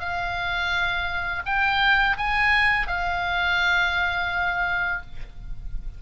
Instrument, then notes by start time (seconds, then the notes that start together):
oboe
0.00 F5
1.45 G5
2.18 G#5
2.88 F5